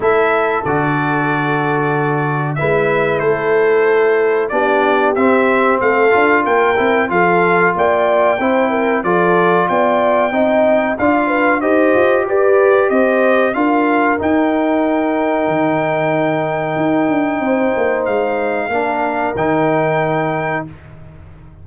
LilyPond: <<
  \new Staff \with { instrumentName = "trumpet" } { \time 4/4 \tempo 4 = 93 e''4 d''2. | e''4 c''2 d''4 | e''4 f''4 g''4 f''4 | g''2 d''4 g''4~ |
g''4 f''4 dis''4 d''4 | dis''4 f''4 g''2~ | g''1 | f''2 g''2 | }
  \new Staff \with { instrumentName = "horn" } { \time 4/4 a'1 | b'4 a'2 g'4~ | g'4 a'4 ais'4 a'4 | d''4 c''8 ais'8 a'4 d''4 |
dis''4 d''8 b'8 c''4 b'4 | c''4 ais'2.~ | ais'2. c''4~ | c''4 ais'2. | }
  \new Staff \with { instrumentName = "trombone" } { \time 4/4 e'4 fis'2. | e'2. d'4 | c'4. f'4 e'8 f'4~ | f'4 e'4 f'2 |
dis'4 f'4 g'2~ | g'4 f'4 dis'2~ | dis'1~ | dis'4 d'4 dis'2 | }
  \new Staff \with { instrumentName = "tuba" } { \time 4/4 a4 d2. | gis4 a2 b4 | c'4 a8 d'8 ais8 c'8 f4 | ais4 c'4 f4 b4 |
c'4 d'4 dis'8 f'8 g'4 | c'4 d'4 dis'2 | dis2 dis'8 d'8 c'8 ais8 | gis4 ais4 dis2 | }
>>